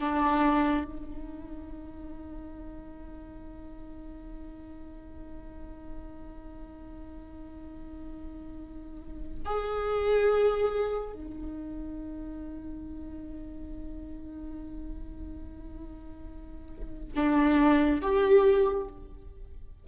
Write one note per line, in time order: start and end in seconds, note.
0.00 0.84 D4
0.84 9.41 D#4
9.45 11.13 G#4
11.13 17.13 D#4
17.15 18.01 D4
18.01 18.87 G4